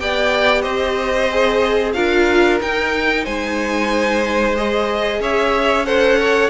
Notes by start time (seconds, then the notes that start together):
0.00 B3 G4 D5 G5
0.62 C4 C5 D#5
1.31 G#4
1.93 D4 F4 A#4 F5
2.61 D#4 G5
3.24 G#3 C5 G#5
4.55 G#4 D#5
5.20 C#4 C#5 E5
5.86 A4 C5 F#5
6.19 C#5